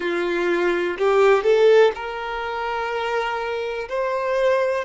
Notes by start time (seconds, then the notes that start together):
0.00 F4
0.98 G4
1.43 A4
1.94 A#4
3.88 C5